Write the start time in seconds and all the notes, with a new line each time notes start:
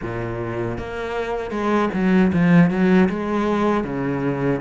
0.02 A#2
0.78 A#3
1.50 G#3
1.93 F#3
2.33 F3
2.70 F#3
3.09 G#3
3.84 C#3